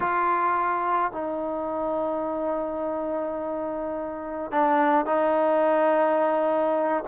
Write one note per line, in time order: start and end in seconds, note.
0.00 1.11 F4
1.11 4.51 D#4
4.51 5.05 D4
5.05 7.03 D#4